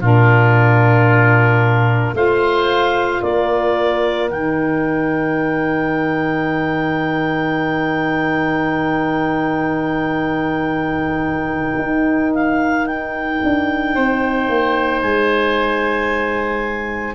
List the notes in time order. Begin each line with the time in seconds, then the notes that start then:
0.00 A#2 D4 F4 A#4
2.13 A3 F4 C5 F5
3.22 A#3 A#4 D5
4.29 D#3 D#4 G5
11.78 D#4
12.34 F5
12.86 G5
13.44 D4
13.94 C4 C5
14.48 A#3
15.01 G#3 G#5